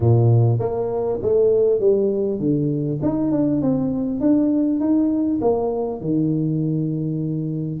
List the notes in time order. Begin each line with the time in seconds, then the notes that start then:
0.00 A#2
0.59 A#3
1.22 A3
1.80 G3
2.39 D3
3.02 D#4
3.31 D4
3.61 C4
4.20 D4
4.80 D#4
5.41 A#3
6.00 D#3